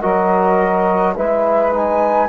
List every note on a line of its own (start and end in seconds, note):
0.00 1.17 F#3
0.00 1.15 F#4
0.00 1.13 A#4
0.00 1.14 D#5
1.16 2.29 G#3
1.16 1.72 E4
1.16 2.29 B4
1.16 1.73 E5
1.72 2.29 D#4
1.72 2.29 G#5